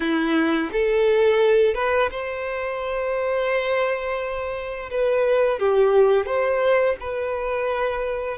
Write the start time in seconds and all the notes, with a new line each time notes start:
0.00 E4
0.72 A4
1.74 B4
2.11 C5
4.90 B4
5.59 G4
6.26 C5
7.00 B4